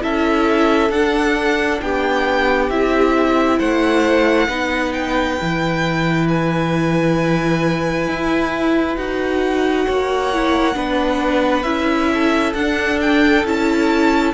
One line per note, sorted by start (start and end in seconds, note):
0.00 0.90 C#4
0.00 0.90 E4
0.00 1.82 A4
0.00 0.90 E5
0.90 1.79 D4
0.90 2.71 D4
0.90 1.80 F#5
1.81 2.69 B3
1.81 3.58 G4
1.81 2.69 G5
2.69 3.59 C4
2.69 4.49 E4
2.69 3.59 E5
3.58 4.47 A3
3.58 4.48 C5
3.58 4.93 F#5
4.47 5.37 B3
4.47 5.38 D#4
4.47 9.85 B4
4.93 6.27 G5
5.40 8.07 E3
5.40 8.97 E4
6.28 8.96 G#5
8.07 8.96 E4
8.96 9.86 D#4
8.96 10.32 F#4
8.96 11.63 F#5
9.85 10.75 A#3
9.85 10.75 C#5
10.33 10.73 E4
10.73 11.63 B3
10.73 11.63 D4
10.73 12.10 B4
11.63 12.53 C#4
11.63 12.54 E4
11.63 12.52 E5
12.13 14.34 A4
12.54 13.43 D4
12.54 13.45 D4
12.54 12.99 F#5
13.01 13.46 G5
13.44 14.34 C#4
13.44 14.34 E4
13.44 14.34 A5